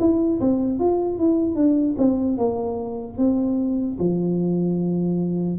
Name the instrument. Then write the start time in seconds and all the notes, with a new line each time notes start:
tuba
0.00 E4
0.40 C4
0.79 F4
1.18 E4
1.55 D4
1.98 C4
2.37 A#3
3.17 C4
3.99 F3